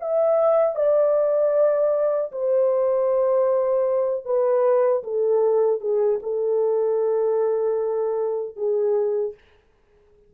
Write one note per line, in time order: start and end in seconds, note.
0.00 0.75 E5
0.75 2.31 D5
2.32 4.25 C5
4.25 5.03 B4
5.04 5.81 A4
5.81 6.19 G#4
6.23 8.56 A4
8.56 9.34 G#4